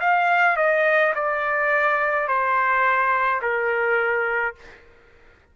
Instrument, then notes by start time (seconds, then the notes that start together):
trumpet
0.00 F5
0.57 D#5
1.15 D5
2.27 C5
3.42 A#4